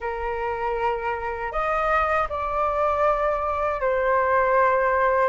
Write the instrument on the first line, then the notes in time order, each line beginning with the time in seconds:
flute
0.00 A#4
1.52 D#5
2.29 D5
3.80 C5